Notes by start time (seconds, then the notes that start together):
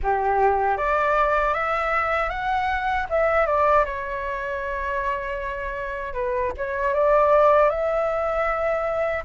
0.02 G4
0.77 D5
1.53 E5
2.29 F#5
3.09 E5
3.46 D5
3.85 C#5
6.13 B4
6.57 C#5
6.94 D5
7.69 E5